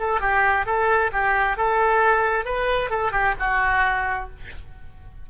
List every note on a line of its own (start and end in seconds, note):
0.00 0.21 A4
0.21 0.66 G4
0.66 1.11 A4
1.13 1.57 G4
1.57 2.45 A4
2.45 2.90 B4
2.91 3.12 A4
3.12 3.35 G4
3.40 4.30 F#4